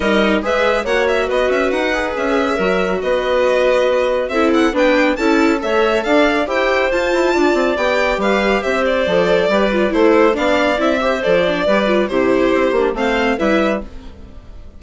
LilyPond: <<
  \new Staff \with { instrumentName = "violin" } { \time 4/4 \tempo 4 = 139 dis''4 e''4 fis''8 e''8 dis''8 e''8 | fis''4 e''2 dis''4~ | dis''2 e''8 fis''8 g''4 | a''4 e''4 f''4 g''4 |
a''2 g''4 f''4 | e''8 d''2~ d''8 c''4 | f''4 e''4 d''2 | c''2 f''4 e''4 | }
  \new Staff \with { instrumentName = "clarinet" } { \time 4/4 ais'4 b'4 cis''4 b'4~ | b'2 ais'4 b'4~ | b'2 a'4 b'4 | a'4 cis''4 d''4 c''4~ |
c''4 d''2 b'4 | c''2 b'4 a'4 | d''4. c''4. b'4 | g'2 c''4 b'4 | }
  \new Staff \with { instrumentName = "viola" } { \time 4/4 dis'4 gis'4 fis'2~ | fis'8 gis'4. fis'2~ | fis'2 e'4 d'4 | e'4 a'2 g'4 |
f'2 g'2~ | g'4 a'4 g'8 f'8 e'4 | d'4 e'8 g'8 a'8 d'8 g'8 f'8 | e'4. d'8 c'4 e'4 | }
  \new Staff \with { instrumentName = "bassoon" } { \time 4/4 g4 gis4 ais4 b8 cis'8 | dis'4 cis'4 fis4 b4~ | b2 c'4 b4 | cis'4 a4 d'4 e'4 |
f'8 e'8 d'8 c'8 b4 g4 | c'4 f4 g4 a4 | b4 c'4 f4 g4 | c4 c'8 ais8 a4 g4 | }
>>